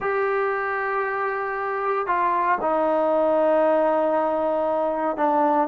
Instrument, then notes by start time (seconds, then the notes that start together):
trombone
0.00 G4
2.06 F4
2.61 D#4
5.17 D4